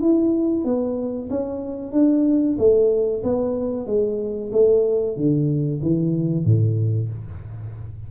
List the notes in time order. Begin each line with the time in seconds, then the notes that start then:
0.00 E4
0.64 B3
1.30 C#4
1.92 D4
2.58 A3
3.23 B3
3.86 G#3
4.52 A3
5.16 D3
5.82 E3
6.44 A2